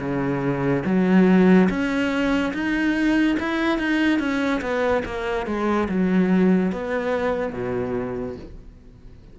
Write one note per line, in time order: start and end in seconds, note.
0.00 0.83 C#3
0.86 1.69 F#3
1.70 2.53 C#4
2.54 3.37 D#4
3.40 3.79 E4
3.79 4.19 D#4
4.19 4.61 C#4
4.61 5.03 B3
5.06 5.47 A#3
5.47 5.88 G#3
5.89 6.72 F#3
6.72 7.53 B3
7.53 8.36 B2